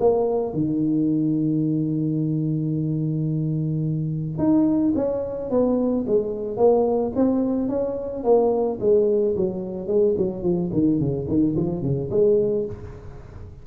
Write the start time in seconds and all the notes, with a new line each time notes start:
0.00 A#3
0.54 D#3
4.38 D#4
4.96 C#4
5.50 B3
6.07 G#3
6.57 A#3
7.16 C4
7.69 C#4
8.24 A#3
8.80 G#3
9.36 F#3
9.88 G#3
10.18 F#3
10.43 F3
10.73 D#3
10.99 C#3
11.28 D#3
11.56 F3
11.82 C#3
12.11 G#3